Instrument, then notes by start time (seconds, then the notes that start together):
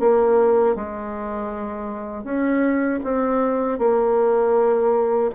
bassoon
0.00 A#3
0.76 G#3
2.24 C#4
3.04 C4
3.79 A#3